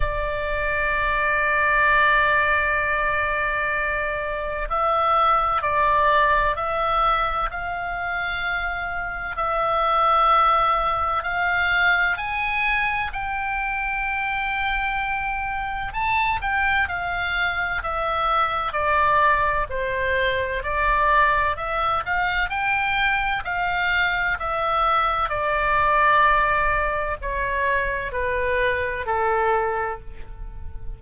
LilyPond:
\new Staff \with { instrumentName = "oboe" } { \time 4/4 \tempo 4 = 64 d''1~ | d''4 e''4 d''4 e''4 | f''2 e''2 | f''4 gis''4 g''2~ |
g''4 a''8 g''8 f''4 e''4 | d''4 c''4 d''4 e''8 f''8 | g''4 f''4 e''4 d''4~ | d''4 cis''4 b'4 a'4 | }